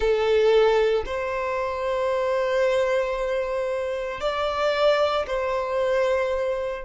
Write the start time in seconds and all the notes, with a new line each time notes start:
0.00 A4
1.05 C5
4.20 D5
5.26 C5